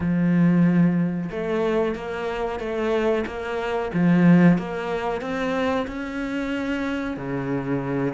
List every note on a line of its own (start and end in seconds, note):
0.00 1.30 F3
1.31 1.95 A3
1.95 2.59 A#3
2.59 3.24 A3
3.26 3.91 A#3
3.93 4.58 F3
4.58 5.21 A#3
5.21 5.86 C4
5.87 7.16 C#4
7.16 8.14 C#3